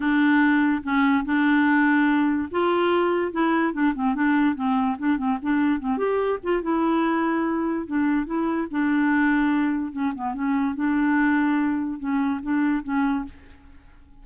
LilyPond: \new Staff \with { instrumentName = "clarinet" } { \time 4/4 \tempo 4 = 145 d'2 cis'4 d'4~ | d'2 f'2 | e'4 d'8 c'8 d'4 c'4 | d'8 c'8 d'4 c'8 g'4 f'8 |
e'2. d'4 | e'4 d'2. | cis'8 b8 cis'4 d'2~ | d'4 cis'4 d'4 cis'4 | }